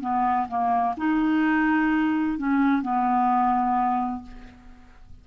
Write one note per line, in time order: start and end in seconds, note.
0.00 0.47 B3
0.47 0.94 A#3
0.97 2.37 D#4
2.37 2.81 C#4
2.81 4.22 B3